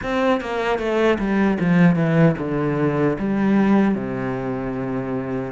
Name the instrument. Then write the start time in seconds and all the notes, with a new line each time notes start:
cello
0.02 C4
0.40 A#3
0.78 A3
1.18 G3
1.59 F3
1.95 E3
2.38 D3
3.18 G3
3.94 C3